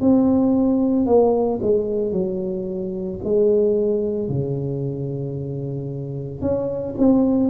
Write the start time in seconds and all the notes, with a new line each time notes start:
0.00 C4
1.06 A#3
1.62 G#3
2.12 F#3
3.24 G#3
4.29 C#3
6.41 C#4
6.97 C4